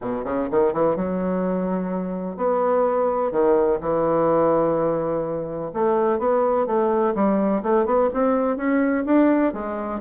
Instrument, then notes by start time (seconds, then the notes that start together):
bassoon
0.01 B2
0.24 C#3
0.50 D#3
0.73 E3
0.96 F#3
2.36 B3
3.31 D#3
3.81 E3
5.73 A3
6.18 B3
6.66 A3
7.14 G3
7.63 A3
7.85 B3
8.13 C4
8.56 C#4
9.05 D4
9.53 G#3